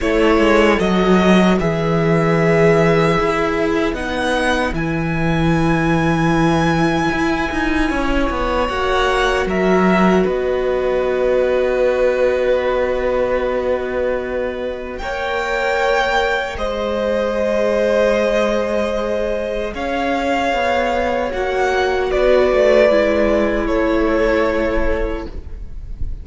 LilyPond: <<
  \new Staff \with { instrumentName = "violin" } { \time 4/4 \tempo 4 = 76 cis''4 dis''4 e''2~ | e''4 fis''4 gis''2~ | gis''2. fis''4 | e''4 dis''2.~ |
dis''2. g''4~ | g''4 dis''2.~ | dis''4 f''2 fis''4 | d''2 cis''2 | }
  \new Staff \with { instrumentName = "violin" } { \time 4/4 a'2 b'2~ | b'1~ | b'2 cis''2 | ais'4 b'2.~ |
b'2. cis''4~ | cis''4 c''2.~ | c''4 cis''2. | b'2 a'2 | }
  \new Staff \with { instrumentName = "viola" } { \time 4/4 e'4 fis'4 gis'2~ | gis'4 dis'4 e'2~ | e'2. fis'4~ | fis'1~ |
fis'2. ais'4~ | ais'4 gis'2.~ | gis'2. fis'4~ | fis'4 e'2. | }
  \new Staff \with { instrumentName = "cello" } { \time 4/4 a8 gis8 fis4 e2 | e'4 b4 e2~ | e4 e'8 dis'8 cis'8 b8 ais4 | fis4 b2.~ |
b2. ais4~ | ais4 gis2.~ | gis4 cis'4 b4 ais4 | b8 a8 gis4 a2 | }
>>